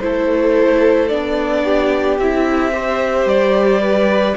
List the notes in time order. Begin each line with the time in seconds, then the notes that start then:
0.00 A3 E4 A4 C5
1.09 B3 D4 D5
1.64 G4
2.19 C4 E4 E5
2.72 G4 C5
3.26 G3 D5
3.82 B4